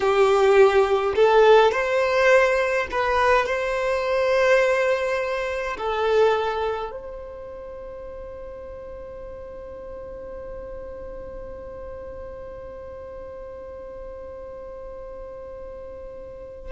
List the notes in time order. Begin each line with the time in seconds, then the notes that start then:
0.00 G4
1.15 A4
1.71 C5
2.91 B4
3.46 C5
5.77 A4
6.91 C5